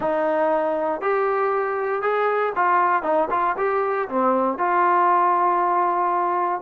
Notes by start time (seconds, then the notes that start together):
0.00 D#4
1.01 G4
2.02 G#4
2.55 F4
3.03 D#4
3.30 F4
3.57 G4
4.08 C4
4.58 F4